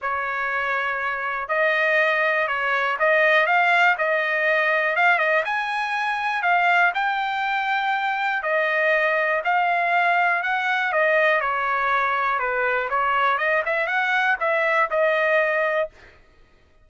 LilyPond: \new Staff \with { instrumentName = "trumpet" } { \time 4/4 \tempo 4 = 121 cis''2. dis''4~ | dis''4 cis''4 dis''4 f''4 | dis''2 f''8 dis''8 gis''4~ | gis''4 f''4 g''2~ |
g''4 dis''2 f''4~ | f''4 fis''4 dis''4 cis''4~ | cis''4 b'4 cis''4 dis''8 e''8 | fis''4 e''4 dis''2 | }